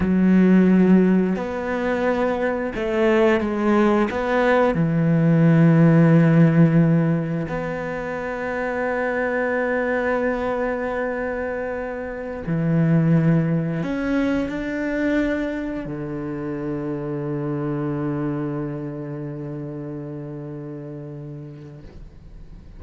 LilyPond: \new Staff \with { instrumentName = "cello" } { \time 4/4 \tempo 4 = 88 fis2 b2 | a4 gis4 b4 e4~ | e2. b4~ | b1~ |
b2~ b16 e4.~ e16~ | e16 cis'4 d'2 d8.~ | d1~ | d1 | }